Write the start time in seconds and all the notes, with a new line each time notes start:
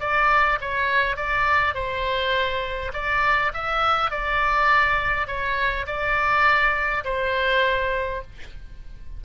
0.00 D5
0.61 C#5
1.16 D5
1.74 C5
2.93 D5
3.53 E5
4.11 D5
5.27 C#5
5.86 D5
7.05 C5